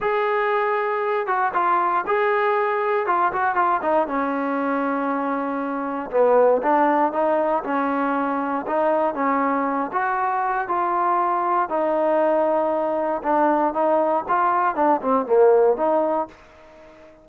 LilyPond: \new Staff \with { instrumentName = "trombone" } { \time 4/4 \tempo 4 = 118 gis'2~ gis'8 fis'8 f'4 | gis'2 f'8 fis'8 f'8 dis'8 | cis'1 | b4 d'4 dis'4 cis'4~ |
cis'4 dis'4 cis'4. fis'8~ | fis'4 f'2 dis'4~ | dis'2 d'4 dis'4 | f'4 d'8 c'8 ais4 dis'4 | }